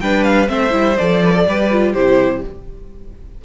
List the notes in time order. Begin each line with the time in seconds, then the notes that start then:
0.00 G3 D4 B4 G5
0.23 F5
0.47 A3 C4 C5 E5
0.70 G3 E4
0.97 F3 A4 D5
1.24 B4
1.32 A4
1.46 G3 G4 B4
1.71 F4
1.93 C3 E4 G4 C5